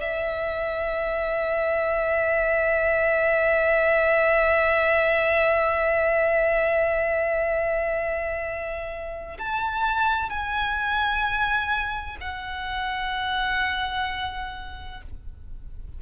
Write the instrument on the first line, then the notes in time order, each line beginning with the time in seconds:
violin
0.00 E5
9.38 A5
10.30 G#5
12.20 F#5